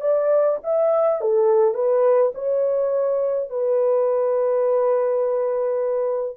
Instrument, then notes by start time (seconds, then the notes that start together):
horn
0.00 D5
0.63 E5
1.21 A4
1.74 B4
2.34 C#5
3.49 B4